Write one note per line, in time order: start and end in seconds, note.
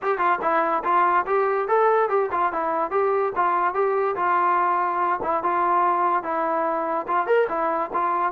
0.02 0.18 G4
0.18 0.38 F4
0.41 0.83 E4
0.84 1.25 F4
1.26 1.68 G4
1.68 2.09 A4
2.09 2.30 G4
2.31 2.52 F4
2.52 2.91 E4
2.91 3.32 G4
3.35 3.73 F4
3.73 4.15 G4
4.16 5.20 F4
5.23 5.43 E4
5.43 6.23 F4
6.23 7.06 E4
7.07 7.26 F4
7.26 7.47 A#4
7.48 7.90 E4
7.93 8.32 F4